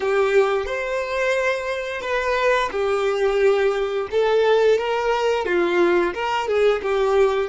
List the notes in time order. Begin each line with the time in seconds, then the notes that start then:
0.00 G4
0.65 C5
2.01 B4
2.71 G4
4.11 A4
4.78 A#4
5.45 F4
6.14 A#4
6.47 G#4
6.82 G4